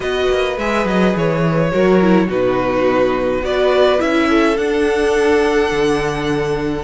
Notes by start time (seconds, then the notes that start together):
0.00 B3 F#4 B4 D#5
0.29 A#3
0.57 G#3 G#4 E5
0.85 F#3 D#5
1.15 E3 C#5
1.72 F#3 F#4 A#4
2.01 E4
2.27 B2 D#4 F#4 B4
3.41 B3 F#4 B4 D5
3.98 C#4 E4 E5
4.28 A4
4.57 D4 F#5
5.71 D3